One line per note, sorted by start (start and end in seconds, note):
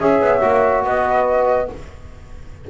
0.00 0.21 C#4
0.00 0.41 G#4
0.00 0.86 C#5
0.00 0.85 E5
0.21 0.43 B3
0.41 0.84 A#3
0.41 1.68 F#4
0.84 1.69 B3
0.84 1.71 B4
0.84 1.70 D#5